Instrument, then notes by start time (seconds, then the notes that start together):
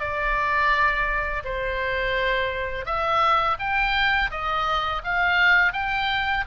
oboe
0.00 D5
1.44 C5
2.86 E5
3.59 G5
4.31 D#5
5.04 F5
5.73 G5